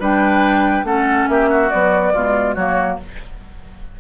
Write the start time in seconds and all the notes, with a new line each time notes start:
0.00 G3 D4 B4 G5
0.84 A3 C#4 A4 F#5
1.29 A#3 G4 E5
1.49 F#4
1.70 F#3 B3 D5
2.14 B2 G#3 F4
2.55 F#3 A#3 F#4 C#5